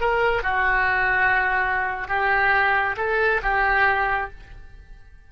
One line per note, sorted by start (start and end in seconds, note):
0.00 0.43 A#4
0.43 2.08 F#4
2.08 2.96 G4
2.97 3.41 A4
3.42 4.30 G4